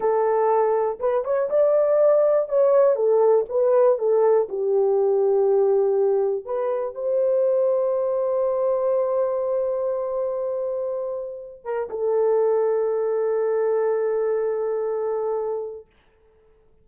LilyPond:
\new Staff \with { instrumentName = "horn" } { \time 4/4 \tempo 4 = 121 a'2 b'8 cis''8 d''4~ | d''4 cis''4 a'4 b'4 | a'4 g'2.~ | g'4 b'4 c''2~ |
c''1~ | c''2.~ c''8 ais'8 | a'1~ | a'1 | }